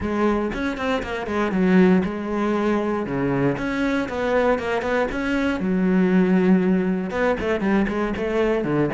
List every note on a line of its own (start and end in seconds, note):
0.00 0.51 G#3
0.53 0.77 C#4
0.77 1.02 C4
1.02 1.26 A#3
1.26 1.51 G#3
1.51 2.02 F#3
2.04 3.06 G#3
3.06 3.57 C#3
3.57 4.08 C#4
4.08 4.59 B3
4.59 4.82 A#3
4.82 5.07 B3
5.11 5.60 C#4
5.60 7.10 F#3
7.10 7.35 B3
7.39 7.60 A3
7.60 7.86 G3
7.88 8.13 G#3
8.16 8.64 A3
8.64 8.90 D3